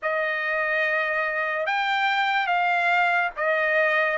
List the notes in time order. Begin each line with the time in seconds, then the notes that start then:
0.02 D#5
1.66 G5
2.47 F5
3.36 D#5